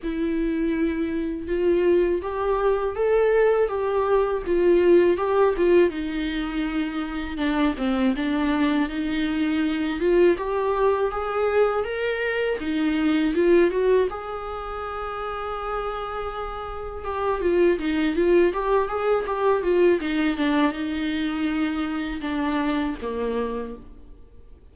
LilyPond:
\new Staff \with { instrumentName = "viola" } { \time 4/4 \tempo 4 = 81 e'2 f'4 g'4 | a'4 g'4 f'4 g'8 f'8 | dis'2 d'8 c'8 d'4 | dis'4. f'8 g'4 gis'4 |
ais'4 dis'4 f'8 fis'8 gis'4~ | gis'2. g'8 f'8 | dis'8 f'8 g'8 gis'8 g'8 f'8 dis'8 d'8 | dis'2 d'4 ais4 | }